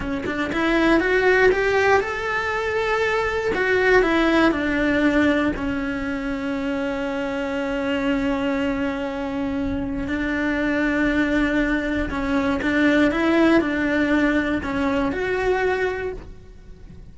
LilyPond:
\new Staff \with { instrumentName = "cello" } { \time 4/4 \tempo 4 = 119 cis'8 d'8 e'4 fis'4 g'4 | a'2. fis'4 | e'4 d'2 cis'4~ | cis'1~ |
cis'1 | d'1 | cis'4 d'4 e'4 d'4~ | d'4 cis'4 fis'2 | }